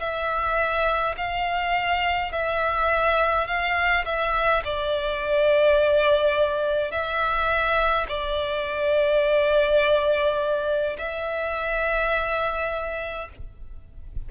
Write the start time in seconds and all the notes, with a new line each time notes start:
0.00 E5
1.17 F5
2.32 E5
3.48 F5
4.05 E5
4.65 D5
6.91 E5
8.09 D5
10.98 E5